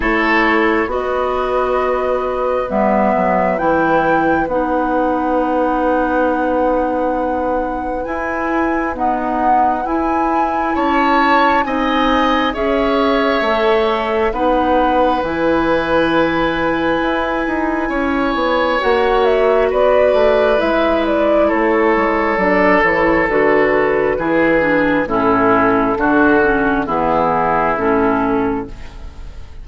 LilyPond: <<
  \new Staff \with { instrumentName = "flute" } { \time 4/4 \tempo 4 = 67 cis''4 dis''2 e''4 | g''4 fis''2.~ | fis''4 gis''4 fis''4 gis''4 | a''4 gis''4 e''2 |
fis''4 gis''2.~ | gis''4 fis''8 e''8 d''4 e''8 d''8 | cis''4 d''8 cis''8 b'2 | a'2 gis'4 a'4 | }
  \new Staff \with { instrumentName = "oboe" } { \time 4/4 a'4 b'2.~ | b'1~ | b'1 | cis''4 dis''4 cis''2 |
b'1 | cis''2 b'2 | a'2. gis'4 | e'4 fis'4 e'2 | }
  \new Staff \with { instrumentName = "clarinet" } { \time 4/4 e'4 fis'2 b4 | e'4 dis'2.~ | dis'4 e'4 b4 e'4~ | e'4 dis'4 gis'4 a'4 |
dis'4 e'2.~ | e'4 fis'2 e'4~ | e'4 d'8 e'8 fis'4 e'8 d'8 | cis'4 d'8 cis'8 b4 cis'4 | }
  \new Staff \with { instrumentName = "bassoon" } { \time 4/4 a4 b2 g8 fis8 | e4 b2.~ | b4 e'4 dis'4 e'4 | cis'4 c'4 cis'4 a4 |
b4 e2 e'8 dis'8 | cis'8 b8 ais4 b8 a8 gis4 | a8 gis8 fis8 e8 d4 e4 | a,4 d4 e4 a,4 | }
>>